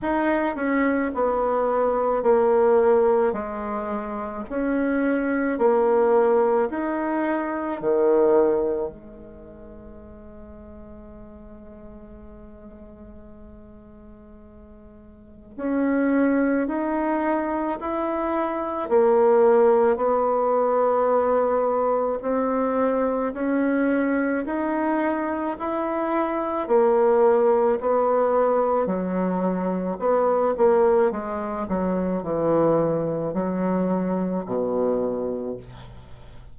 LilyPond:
\new Staff \with { instrumentName = "bassoon" } { \time 4/4 \tempo 4 = 54 dis'8 cis'8 b4 ais4 gis4 | cis'4 ais4 dis'4 dis4 | gis1~ | gis2 cis'4 dis'4 |
e'4 ais4 b2 | c'4 cis'4 dis'4 e'4 | ais4 b4 fis4 b8 ais8 | gis8 fis8 e4 fis4 b,4 | }